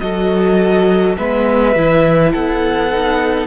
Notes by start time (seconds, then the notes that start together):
0.00 F#3 F#4 A4 D#5
1.17 G#3 B3 B4 E5
1.75 E3 E4
2.32 B3 A4 F#5
2.91 D#4